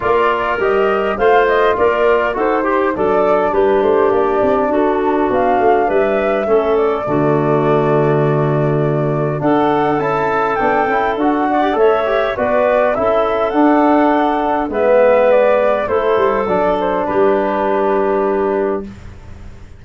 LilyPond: <<
  \new Staff \with { instrumentName = "flute" } { \time 4/4 \tempo 4 = 102 d''4 dis''4 f''8 dis''8 d''4 | c''4 d''4 b'8 c''8 d''4 | a'4 f''4 e''4. d''8~ | d''1 |
fis''4 a''4 g''4 fis''4 | e''4 d''4 e''4 fis''4~ | fis''4 e''4 d''4 c''4 | d''8 c''8 b'2. | }
  \new Staff \with { instrumentName = "clarinet" } { \time 4/4 ais'2 c''4 ais'4 | a'8 g'8 a'4 g'2 | fis'2 b'4 a'4 | fis'1 |
a'2.~ a'8 d''8 | cis''4 b'4 a'2~ | a'4 b'2 a'4~ | a'4 g'2. | }
  \new Staff \with { instrumentName = "trombone" } { \time 4/4 f'4 g'4 f'2 | fis'8 g'8 d'2.~ | d'2. cis'4 | a1 |
d'4 e'4 d'8 e'8 fis'8. g'16 | a'8 g'8 fis'4 e'4 d'4~ | d'4 b2 e'4 | d'1 | }
  \new Staff \with { instrumentName = "tuba" } { \time 4/4 ais4 g4 a4 ais4 | dis'4 fis4 g8 a8 ais8 c'8 | d'4 b8 a8 g4 a4 | d1 |
d'4 cis'4 b8 cis'8 d'4 | a4 b4 cis'4 d'4~ | d'4 gis2 a8 g8 | fis4 g2. | }
>>